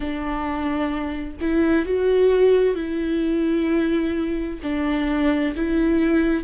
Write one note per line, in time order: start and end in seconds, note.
0.00 1.35 D4
1.41 1.85 E4
1.85 2.75 F#4
2.75 4.59 E4
4.62 5.55 D4
5.56 6.43 E4